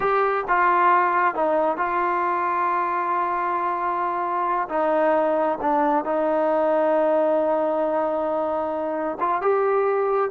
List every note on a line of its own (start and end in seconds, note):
0.00 0.44 G4
0.48 1.34 F4
1.34 1.77 D#4
1.77 4.68 F4
4.68 5.58 D#4
5.61 6.04 D4
6.04 9.18 D#4
9.20 9.41 F4
9.41 10.30 G4